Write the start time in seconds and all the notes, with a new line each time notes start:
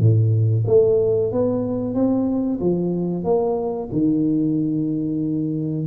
0.00 A2
0.67 A3
1.32 B3
1.94 C4
2.61 F3
3.25 A#3
3.92 D#3